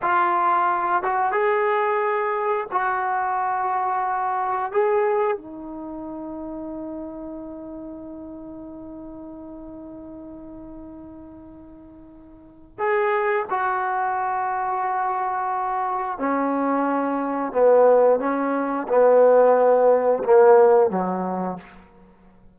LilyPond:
\new Staff \with { instrumentName = "trombone" } { \time 4/4 \tempo 4 = 89 f'4. fis'8 gis'2 | fis'2. gis'4 | dis'1~ | dis'1~ |
dis'2. gis'4 | fis'1 | cis'2 b4 cis'4 | b2 ais4 fis4 | }